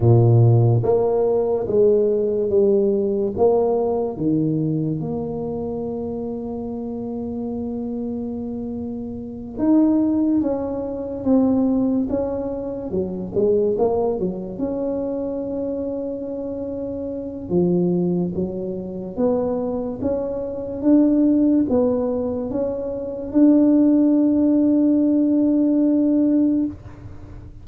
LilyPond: \new Staff \with { instrumentName = "tuba" } { \time 4/4 \tempo 4 = 72 ais,4 ais4 gis4 g4 | ais4 dis4 ais2~ | ais2.~ ais8 dis'8~ | dis'8 cis'4 c'4 cis'4 fis8 |
gis8 ais8 fis8 cis'2~ cis'8~ | cis'4 f4 fis4 b4 | cis'4 d'4 b4 cis'4 | d'1 | }